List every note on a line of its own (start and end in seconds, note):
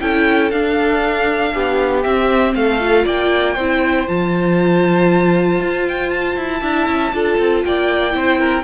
0.00 0.51 C#4
0.00 0.51 E4
0.00 1.54 A4
0.00 0.50 G5
0.50 1.53 D4
0.50 2.03 D4
0.50 2.03 F5
1.54 2.05 B3
1.54 2.55 G4
2.03 2.79 C4
2.03 2.55 C4
2.03 2.53 E5
2.54 3.05 A3
2.54 3.04 A4
2.54 3.05 F5
2.79 3.56 F4
3.04 3.56 A#3
3.04 3.54 D5
3.04 4.08 G5
3.54 4.07 C4
3.54 4.07 E4
3.54 6.59 C5
4.07 5.60 F3
4.07 6.60 F4
4.07 5.86 A5
5.60 6.36 F4
5.88 6.10 G5
6.10 7.63 A5
6.36 6.61 E4
6.60 6.87 D4
6.60 7.11 E4
6.60 7.12 E5
6.87 7.12 C#4
7.12 7.38 D4
7.12 8.11 F4
7.12 7.65 A4
7.38 7.63 C4
7.65 8.14 A#3
7.65 8.16 D5
7.65 8.63 G5
8.11 8.63 C4
8.11 8.62 E4
8.11 8.39 C5
8.39 8.63 A#4